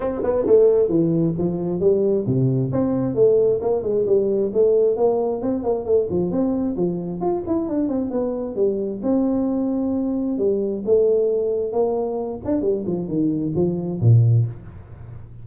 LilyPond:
\new Staff \with { instrumentName = "tuba" } { \time 4/4 \tempo 4 = 133 c'8 b8 a4 e4 f4 | g4 c4 c'4 a4 | ais8 gis8 g4 a4 ais4 | c'8 ais8 a8 f8 c'4 f4 |
f'8 e'8 d'8 c'8 b4 g4 | c'2. g4 | a2 ais4. d'8 | g8 f8 dis4 f4 ais,4 | }